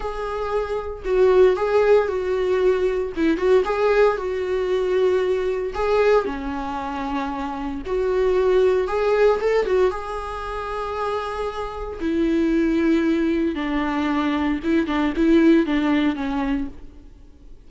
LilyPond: \new Staff \with { instrumentName = "viola" } { \time 4/4 \tempo 4 = 115 gis'2 fis'4 gis'4 | fis'2 e'8 fis'8 gis'4 | fis'2. gis'4 | cis'2. fis'4~ |
fis'4 gis'4 a'8 fis'8 gis'4~ | gis'2. e'4~ | e'2 d'2 | e'8 d'8 e'4 d'4 cis'4 | }